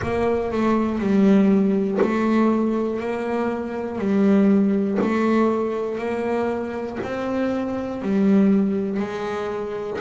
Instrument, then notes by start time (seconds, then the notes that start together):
double bass
0.02 A#3
0.51 A3
0.98 G3
2.01 A3
3.00 A#3
3.98 G3
5.01 A3
5.98 A#3
7.03 C4
8.01 G3
9.00 G#3